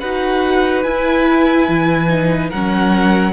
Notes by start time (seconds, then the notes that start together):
0.00 D#4 F#4 B4 F#5
0.83 E4 G#5
1.68 E3
2.09 D#4
2.49 F#3 C#4 A#4 F#5